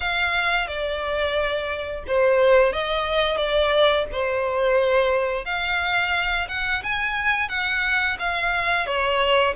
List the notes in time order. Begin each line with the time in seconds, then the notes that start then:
0.00 F5
0.67 D5
2.07 C5
2.72 D#5
3.37 D5
4.12 C5
5.45 F5
6.48 F#5
6.83 G#5
7.48 F#5
8.18 F5
8.86 C#5